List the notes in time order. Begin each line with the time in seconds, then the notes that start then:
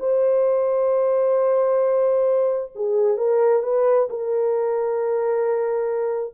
0.00 C5
2.75 G#4
3.18 A#4
3.63 B4
4.10 A#4